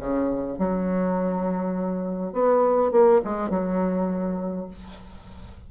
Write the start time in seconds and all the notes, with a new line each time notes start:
0.00 C#3
0.58 F#3
2.33 B3
2.91 A#3
3.25 G#3
3.50 F#3